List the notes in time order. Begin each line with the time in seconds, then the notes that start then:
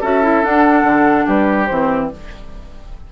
0.00 C#4 F#4 A4 E5
0.22 E4
0.42 D4 F#5
0.83 D3
1.25 G3 G4 B4
1.65 E3 C4 C5